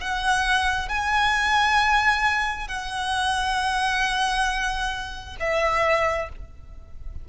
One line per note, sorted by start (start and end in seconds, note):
0.00 0.88 F#5
0.88 2.67 G#5
2.67 5.36 F#5
5.39 6.29 E5